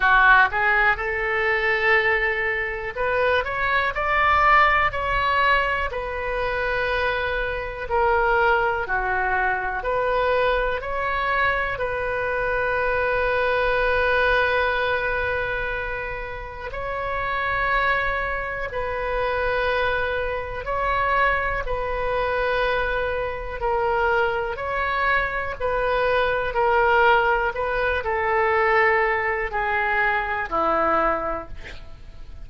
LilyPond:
\new Staff \with { instrumentName = "oboe" } { \time 4/4 \tempo 4 = 61 fis'8 gis'8 a'2 b'8 cis''8 | d''4 cis''4 b'2 | ais'4 fis'4 b'4 cis''4 | b'1~ |
b'4 cis''2 b'4~ | b'4 cis''4 b'2 | ais'4 cis''4 b'4 ais'4 | b'8 a'4. gis'4 e'4 | }